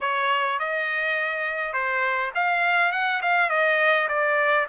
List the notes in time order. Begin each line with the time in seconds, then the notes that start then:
0.01 C#5
0.59 D#5
1.73 C5
2.34 F5
2.92 F#5
3.21 F5
3.49 D#5
4.08 D5